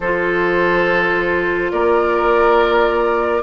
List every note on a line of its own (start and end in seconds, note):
0.00 1.71 F3
0.00 3.42 F4
0.00 1.72 A4
0.00 1.71 C5
1.71 3.42 A#3
1.71 3.42 A#4
1.71 3.42 D5